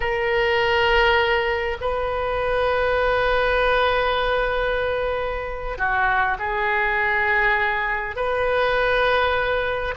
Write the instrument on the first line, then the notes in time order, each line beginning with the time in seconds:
oboe
0.00 A#4
1.80 B4
5.78 F#4
6.38 G#4
8.16 B4